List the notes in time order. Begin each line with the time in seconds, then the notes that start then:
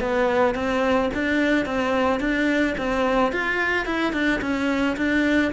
0.00 B3
0.55 C4
1.14 D4
1.66 C4
2.20 D4
2.78 C4
3.33 F4
3.86 E4
4.13 D4
4.41 C#4
4.97 D4